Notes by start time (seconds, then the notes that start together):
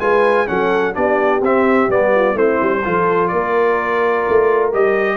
0.00 G#3 F4 B4 G#5
0.47 F#3 C#4 A4 F#5
0.94 B3 D4 G4 D5
1.42 C4 E5
1.89 G3 B3 D5
2.15 F4
2.34 A3 C4 E4 C5
2.62 G3
2.84 F3 F4 A4
3.28 A#3 A#4 D5
4.29 A3
4.73 G3 G4 D#5